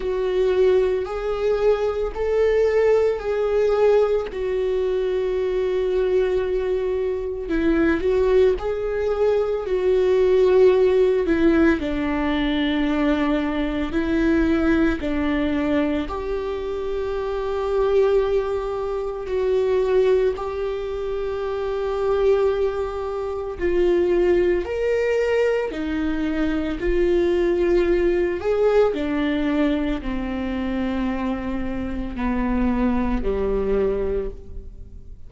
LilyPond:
\new Staff \with { instrumentName = "viola" } { \time 4/4 \tempo 4 = 56 fis'4 gis'4 a'4 gis'4 | fis'2. e'8 fis'8 | gis'4 fis'4. e'8 d'4~ | d'4 e'4 d'4 g'4~ |
g'2 fis'4 g'4~ | g'2 f'4 ais'4 | dis'4 f'4. gis'8 d'4 | c'2 b4 g4 | }